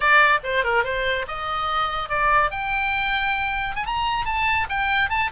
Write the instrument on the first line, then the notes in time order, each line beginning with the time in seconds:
oboe
0.00 D5
0.43 C5
0.64 A#4
0.84 C5
1.27 D#5
2.09 D5
2.51 G5
3.75 G#5
3.85 A#5
4.25 A5
4.69 G5
5.09 A5